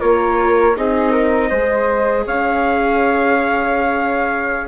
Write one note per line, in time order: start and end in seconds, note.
0.00 0.77 A#3
0.00 0.75 F4
0.00 0.75 A#4
0.00 0.76 C#5
0.76 1.51 C4
0.76 1.51 D#4
0.76 1.11 G#4
0.76 2.27 D#5
1.11 1.49 A#4
1.50 2.26 G#3
1.50 4.68 G#4
1.50 2.25 C5
2.26 4.68 C#4
2.26 4.68 C#5
2.26 4.68 F5